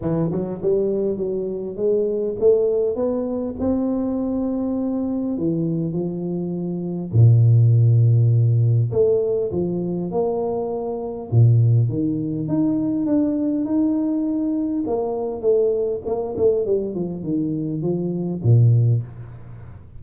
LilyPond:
\new Staff \with { instrumentName = "tuba" } { \time 4/4 \tempo 4 = 101 e8 fis8 g4 fis4 gis4 | a4 b4 c'2~ | c'4 e4 f2 | ais,2. a4 |
f4 ais2 ais,4 | dis4 dis'4 d'4 dis'4~ | dis'4 ais4 a4 ais8 a8 | g8 f8 dis4 f4 ais,4 | }